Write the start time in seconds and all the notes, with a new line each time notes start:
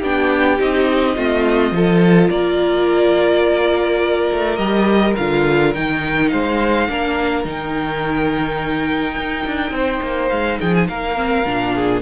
0.00 B3 D4 G4 G5
0.58 C4 D#4 D#5
1.15 A3 C4 F4
1.71 F3 F4 A4
2.29 A#3 A#4 D5
4.32 A3
4.56 G3 G4 D#5
5.16 D3 F4 F5
5.74 D#3 D#4 G5
6.29 G#3 C5 F5
6.88 A#3 D4 A#4
7.44 D#3 D#4 G5
9.16 D#4
9.45 D4
9.71 C4 C5
10.02 A#3
10.29 G#3 F5
10.59 F3 G#4 G5
10.74 G#5
10.87 A#3 A#4 F5
11.15 C4
11.45 A#2 D4
11.74 G#4